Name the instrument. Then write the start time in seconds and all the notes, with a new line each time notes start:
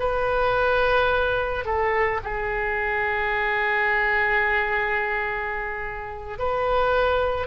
oboe
0.00 B4
1.66 A4
2.24 G#4
6.39 B4